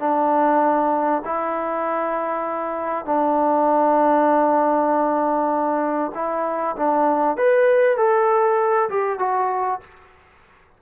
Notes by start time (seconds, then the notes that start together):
0.00 D4
1.25 E4
3.06 D4
6.15 E4
6.77 D4
7.37 B4
7.97 A4
8.90 G4
9.19 F#4